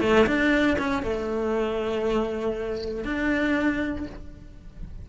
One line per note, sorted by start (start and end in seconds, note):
0.00 0.25 A3
0.26 0.77 D4
0.78 1.03 C#4
1.03 3.04 A3
3.04 4.06 D4